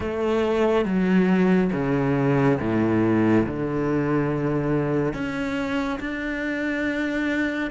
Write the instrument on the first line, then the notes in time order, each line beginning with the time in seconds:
cello
0.00 A3
0.85 F#3
1.72 C#3
2.60 A2
3.46 D3
5.13 C#4
6.00 D4